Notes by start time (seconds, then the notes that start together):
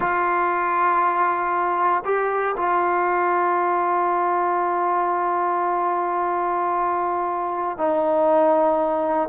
0.00 F4
2.05 G4
2.57 F4
7.78 D#4